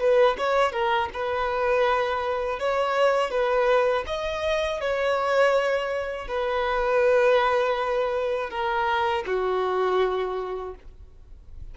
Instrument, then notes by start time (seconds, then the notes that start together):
violin
0.00 B4
0.38 C#5
0.73 A#4
1.14 B4
2.60 C#5
3.31 B4
4.07 D#5
4.81 C#5
6.28 B4
8.51 A#4
9.27 F#4